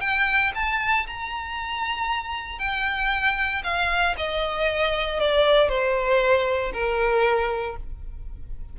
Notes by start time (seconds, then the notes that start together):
0.00 G5
0.54 A5
1.07 A#5
2.59 G5
3.63 F5
4.17 D#5
5.20 D5
5.68 C5
6.73 A#4